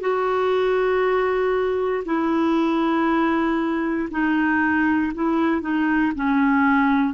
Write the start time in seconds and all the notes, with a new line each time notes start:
0.00 F#4
2.05 E4
4.10 D#4
5.14 E4
5.61 D#4
6.15 C#4